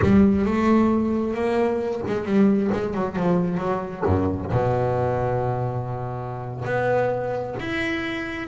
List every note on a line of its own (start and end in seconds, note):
0.02 0.45 G3
0.45 1.34 A3
1.34 2.01 A#3
2.06 2.25 G#3
2.25 2.70 G3
2.72 2.94 G#3
2.94 3.15 F#3
3.15 3.57 F3
3.57 4.02 F#3
4.05 4.51 F#2
4.51 6.65 B2
6.65 7.55 B3
7.59 8.48 E4